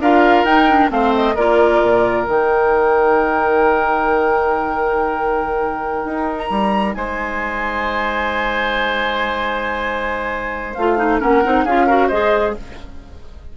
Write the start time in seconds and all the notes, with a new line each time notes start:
0.00 D4 F4 A#4 F5
0.45 D#4 G5
0.70 D4
0.90 A3 C4 C5 F5
1.15 D#5
1.36 A#3 F4 A#4 D5
1.83 A#2
2.24 D#3 D#4 G5
6.05 D#4
6.39 A#5
6.51 G3
6.95 G#3 C5 G#5
10.75 A3 F4 F5
10.98 D#4
11.20 A#3 C#4 A#4 F#5
11.45 C4 D#4
11.65 C#4 F4 G#4 F5
11.87 F#4 A#4
12.08 G#3 G#4 C5 D#5